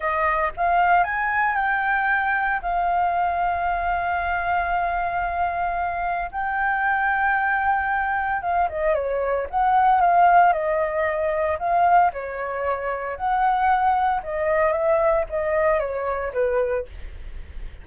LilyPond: \new Staff \with { instrumentName = "flute" } { \time 4/4 \tempo 4 = 114 dis''4 f''4 gis''4 g''4~ | g''4 f''2.~ | f''1 | g''1 |
f''8 dis''8 cis''4 fis''4 f''4 | dis''2 f''4 cis''4~ | cis''4 fis''2 dis''4 | e''4 dis''4 cis''4 b'4 | }